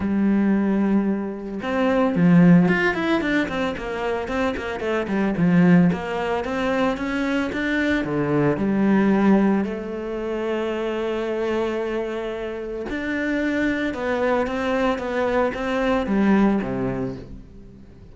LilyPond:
\new Staff \with { instrumentName = "cello" } { \time 4/4 \tempo 4 = 112 g2. c'4 | f4 f'8 e'8 d'8 c'8 ais4 | c'8 ais8 a8 g8 f4 ais4 | c'4 cis'4 d'4 d4 |
g2 a2~ | a1 | d'2 b4 c'4 | b4 c'4 g4 c4 | }